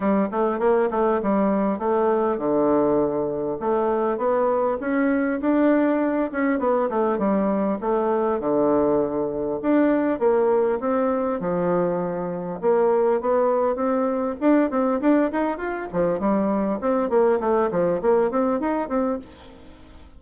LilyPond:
\new Staff \with { instrumentName = "bassoon" } { \time 4/4 \tempo 4 = 100 g8 a8 ais8 a8 g4 a4 | d2 a4 b4 | cis'4 d'4. cis'8 b8 a8 | g4 a4 d2 |
d'4 ais4 c'4 f4~ | f4 ais4 b4 c'4 | d'8 c'8 d'8 dis'8 f'8 f8 g4 | c'8 ais8 a8 f8 ais8 c'8 dis'8 c'8 | }